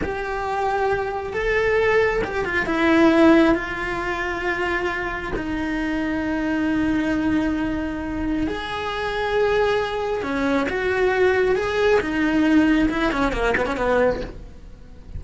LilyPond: \new Staff \with { instrumentName = "cello" } { \time 4/4 \tempo 4 = 135 g'2. a'4~ | a'4 g'8 f'8 e'2 | f'1 | dis'1~ |
dis'2. gis'4~ | gis'2. cis'4 | fis'2 gis'4 dis'4~ | dis'4 e'8 cis'8 ais8 b16 cis'16 b4 | }